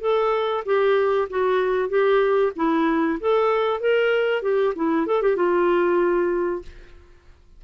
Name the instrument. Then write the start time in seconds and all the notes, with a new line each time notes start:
clarinet
0.00 A4
0.65 G4
1.29 F#4
1.89 G4
2.56 E4
3.20 A4
3.80 A#4
4.42 G4
4.75 E4
5.06 A4
5.22 G4
5.36 F4